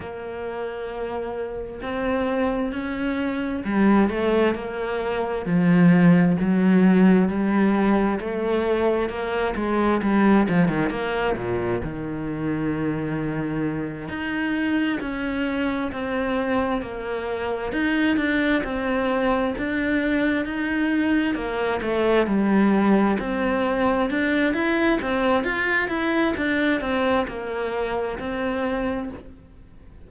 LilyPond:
\new Staff \with { instrumentName = "cello" } { \time 4/4 \tempo 4 = 66 ais2 c'4 cis'4 | g8 a8 ais4 f4 fis4 | g4 a4 ais8 gis8 g8 f16 dis16 | ais8 ais,8 dis2~ dis8 dis'8~ |
dis'8 cis'4 c'4 ais4 dis'8 | d'8 c'4 d'4 dis'4 ais8 | a8 g4 c'4 d'8 e'8 c'8 | f'8 e'8 d'8 c'8 ais4 c'4 | }